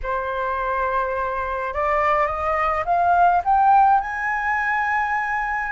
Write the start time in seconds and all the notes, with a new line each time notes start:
0.03 C5
1.73 D5
2.26 D#5
2.85 F5
3.44 G5
4.00 G#5